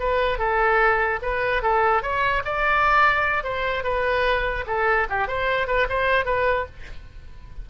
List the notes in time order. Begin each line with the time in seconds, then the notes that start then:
0.00 B4
0.39 A4
1.22 B4
1.63 A4
2.03 C#5
2.45 D5
3.44 C5
3.84 B4
4.67 A4
5.10 G4
5.28 C5
5.67 B4
5.89 C5
6.25 B4